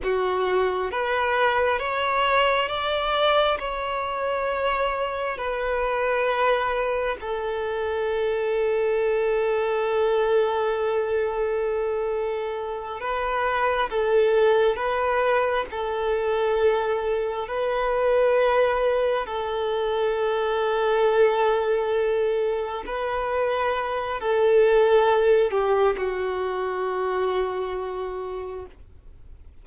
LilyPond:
\new Staff \with { instrumentName = "violin" } { \time 4/4 \tempo 4 = 67 fis'4 b'4 cis''4 d''4 | cis''2 b'2 | a'1~ | a'2~ a'8 b'4 a'8~ |
a'8 b'4 a'2 b'8~ | b'4. a'2~ a'8~ | a'4. b'4. a'4~ | a'8 g'8 fis'2. | }